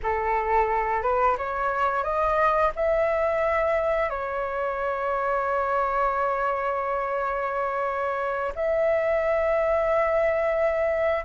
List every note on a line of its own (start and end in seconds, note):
0.02 1.02 A4
1.02 1.36 B4
1.37 2.03 C#5
2.03 2.71 D#5
2.75 4.09 E5
4.09 8.52 C#5
8.55 11.24 E5